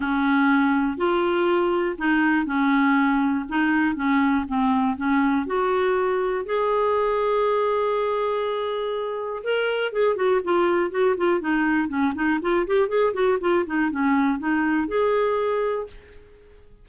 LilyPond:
\new Staff \with { instrumentName = "clarinet" } { \time 4/4 \tempo 4 = 121 cis'2 f'2 | dis'4 cis'2 dis'4 | cis'4 c'4 cis'4 fis'4~ | fis'4 gis'2.~ |
gis'2. ais'4 | gis'8 fis'8 f'4 fis'8 f'8 dis'4 | cis'8 dis'8 f'8 g'8 gis'8 fis'8 f'8 dis'8 | cis'4 dis'4 gis'2 | }